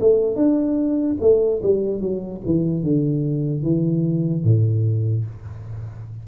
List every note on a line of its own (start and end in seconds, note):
0.00 0.35 A3
0.35 1.16 D4
1.20 1.61 A3
1.62 2.00 G3
2.00 2.41 F#3
2.45 2.82 E3
2.82 3.62 D3
3.62 4.43 E3
4.43 5.24 A2